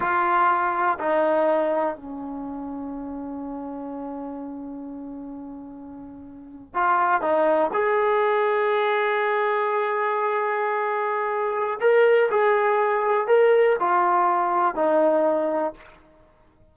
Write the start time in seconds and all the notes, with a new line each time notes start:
0.00 F4
0.99 D#4
1.96 C#4
6.74 F4
7.21 D#4
7.73 G#4
11.80 A#4
12.30 G#4
13.27 A#4
13.79 F4
14.75 D#4